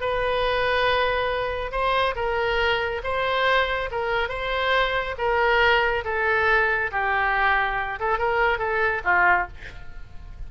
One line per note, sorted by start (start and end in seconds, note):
0.00 1.71 B4
1.71 2.14 C5
2.15 3.02 A#4
3.03 3.89 C5
3.91 4.29 A#4
4.29 5.15 C5
5.18 6.04 A#4
6.04 6.91 A4
6.91 7.99 G4
8.00 8.18 A4
8.18 8.58 A#4
8.58 9.02 A4
9.04 9.47 F4